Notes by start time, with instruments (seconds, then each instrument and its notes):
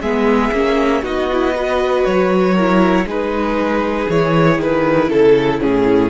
0.00 cello G#3, viola B3, violin G#4 E5
0.52 cello A#3, viola C#4
1.02 cello B3, viola D#4, violin F#4 D#5
1.32 viola E4
1.55 viola F#4, violin B4
2.05 cello F#3, violin C#5
2.54 viola E4, violin A#4
3.05 cello G#3, viola D#4, violin G#4 B4
4.09 cello E3, viola E4, violin C#5
4.58 cello D#3, violin B4
5.08 cello C#3, violin A4
5.60 cello A2, violin C#4 G#4